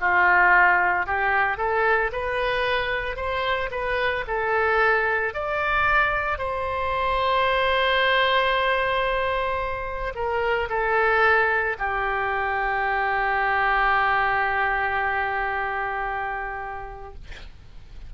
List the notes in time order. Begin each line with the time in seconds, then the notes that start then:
0.00 F4
1.06 G4
1.57 A4
2.12 B4
3.16 C5
3.71 B4
4.28 A4
5.34 D5
6.38 C5
10.15 A#4
10.69 A4
11.79 G4